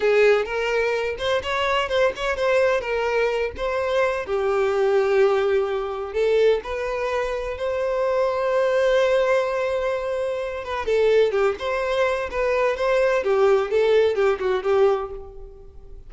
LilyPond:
\new Staff \with { instrumentName = "violin" } { \time 4/4 \tempo 4 = 127 gis'4 ais'4. c''8 cis''4 | c''8 cis''8 c''4 ais'4. c''8~ | c''4 g'2.~ | g'4 a'4 b'2 |
c''1~ | c''2~ c''8 b'8 a'4 | g'8 c''4. b'4 c''4 | g'4 a'4 g'8 fis'8 g'4 | }